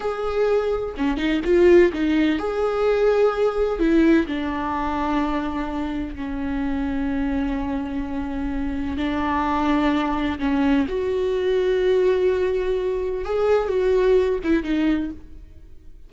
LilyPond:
\new Staff \with { instrumentName = "viola" } { \time 4/4 \tempo 4 = 127 gis'2 cis'8 dis'8 f'4 | dis'4 gis'2. | e'4 d'2.~ | d'4 cis'2.~ |
cis'2. d'4~ | d'2 cis'4 fis'4~ | fis'1 | gis'4 fis'4. e'8 dis'4 | }